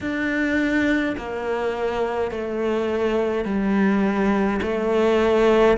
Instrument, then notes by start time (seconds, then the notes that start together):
cello
0.00 D4
1.17 A#3
2.31 A3
3.45 G3
4.62 A3